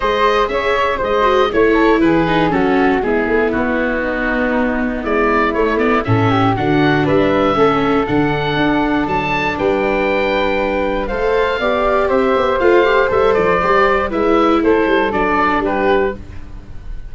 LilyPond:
<<
  \new Staff \with { instrumentName = "oboe" } { \time 4/4 \tempo 4 = 119 dis''4 e''4 dis''4 cis''4 | b'4 a'4 gis'4 fis'4~ | fis'2 d''4 cis''8 d''8 | e''4 fis''4 e''2 |
fis''2 a''4 g''4~ | g''2 f''2 | e''4 f''4 e''8 d''4. | e''4 c''4 d''4 b'4 | }
  \new Staff \with { instrumentName = "flute" } { \time 4/4 c''4 cis''4 c''4 cis''8 a'8 | gis'4 fis'4 e'2 | dis'2 e'2 | a'8 g'8 fis'4 b'4 a'4~ |
a'2. b'4~ | b'2 c''4 d''4 | c''1 | b'4 a'2 g'4 | }
  \new Staff \with { instrumentName = "viola" } { \time 4/4 gis'2~ gis'8 fis'8 e'4~ | e'8 dis'8 cis'4 b2~ | b2. a8 b8 | cis'4 d'2 cis'4 |
d'1~ | d'2 a'4 g'4~ | g'4 f'8 g'8 a'4 g'4 | e'2 d'2 | }
  \new Staff \with { instrumentName = "tuba" } { \time 4/4 gis4 cis'4 gis4 a4 | e4 fis4 gis8 a8 b4~ | b2 gis4 a4 | a,4 d4 g4 a4 |
d4 d'4 fis4 g4~ | g2 a4 b4 | c'8 b8 a4 g8 f8 g4 | gis4 a8 g8 fis4 g4 | }
>>